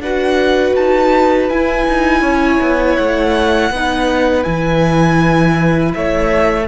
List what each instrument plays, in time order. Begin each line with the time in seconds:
0.00 cello D4, viola F#4, violin B4 F#5
0.75 cello D#4, violin A5
1.49 cello E4, viola E4, violin G#5
1.87 cello D#4
2.21 cello C#4, violin C#5
2.61 cello B3
2.96 cello A3, violin F#5
3.70 cello B3, viola D#4, violin B4
4.43 cello E3, viola E4, violin G#5
5.94 cello A3, violin C#5 E5